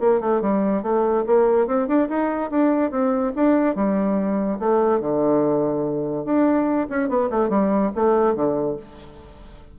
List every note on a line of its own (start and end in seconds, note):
0.00 0.20 A#3
0.20 0.41 A3
0.41 0.82 G3
0.82 1.24 A3
1.26 1.67 A#3
1.67 1.87 C4
1.87 2.08 D4
2.09 2.50 D#4
2.50 2.91 D4
2.91 3.32 C4
3.35 3.75 D4
3.75 4.59 G3
4.59 5.01 A3
5.01 6.25 D3
6.25 6.87 D4
6.90 7.09 C#4
7.09 7.30 B3
7.30 7.49 A3
7.49 7.91 G3
7.95 8.35 A3
8.35 8.77 D3